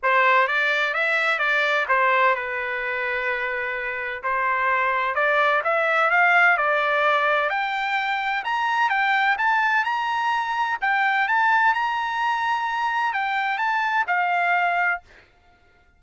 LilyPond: \new Staff \with { instrumentName = "trumpet" } { \time 4/4 \tempo 4 = 128 c''4 d''4 e''4 d''4 | c''4 b'2.~ | b'4 c''2 d''4 | e''4 f''4 d''2 |
g''2 ais''4 g''4 | a''4 ais''2 g''4 | a''4 ais''2. | g''4 a''4 f''2 | }